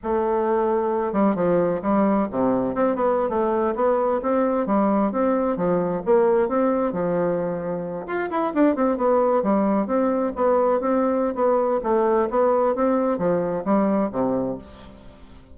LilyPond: \new Staff \with { instrumentName = "bassoon" } { \time 4/4 \tempo 4 = 132 a2~ a8 g8 f4 | g4 c4 c'8 b8. a8.~ | a16 b4 c'4 g4 c'8.~ | c'16 f4 ais4 c'4 f8.~ |
f4.~ f16 f'8 e'8 d'8 c'8 b16~ | b8. g4 c'4 b4 c'16~ | c'4 b4 a4 b4 | c'4 f4 g4 c4 | }